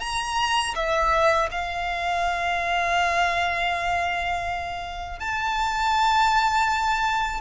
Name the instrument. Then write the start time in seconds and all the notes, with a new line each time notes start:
violin
0.00 A#5
0.75 E5
1.51 F5
5.20 A5